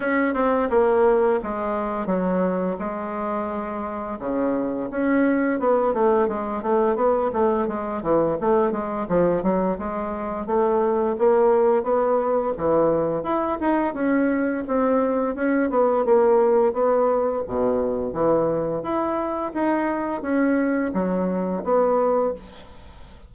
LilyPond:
\new Staff \with { instrumentName = "bassoon" } { \time 4/4 \tempo 4 = 86 cis'8 c'8 ais4 gis4 fis4 | gis2 cis4 cis'4 | b8 a8 gis8 a8 b8 a8 gis8 e8 | a8 gis8 f8 fis8 gis4 a4 |
ais4 b4 e4 e'8 dis'8 | cis'4 c'4 cis'8 b8 ais4 | b4 b,4 e4 e'4 | dis'4 cis'4 fis4 b4 | }